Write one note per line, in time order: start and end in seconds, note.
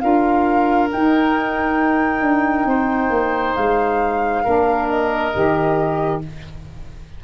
0.00 0.92 D4
0.00 0.89 F4
0.00 2.68 A#4
0.00 0.88 F5
0.92 4.44 D#4
0.92 2.22 D#4
0.92 3.56 G5
2.22 2.66 D4
2.66 3.10 C4
2.66 4.44 C5
3.10 3.54 A#3
3.56 4.46 G#3
3.56 4.88 F5
4.44 5.35 A#3
4.44 5.33 D4
4.44 6.20 A#4
4.88 6.21 D#5
5.33 6.24 D#3
5.33 6.22 G4